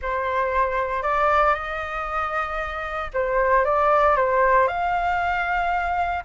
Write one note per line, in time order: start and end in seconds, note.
0.02 1.02 C5
1.02 1.54 D5
1.54 3.10 D#5
3.13 3.65 C5
3.65 4.16 D5
4.16 4.67 C5
4.67 6.23 F5